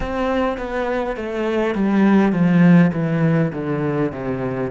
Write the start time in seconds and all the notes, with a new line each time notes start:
0.00 C4
0.57 B3
1.16 A3
1.74 G3
2.32 F3
2.93 E3
3.53 D3
4.12 C3